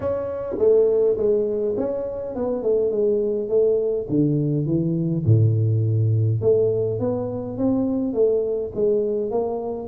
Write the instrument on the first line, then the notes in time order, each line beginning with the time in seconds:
tuba
0.00 C#4
0.58 A3
1.17 G#3
1.77 C#4
2.35 B3
2.62 A3
2.91 G#3
3.48 A3
4.09 D3
4.66 E3
5.25 A2
6.41 A3
6.99 B3
7.57 C4
8.13 A3
8.74 G#3
9.30 A#3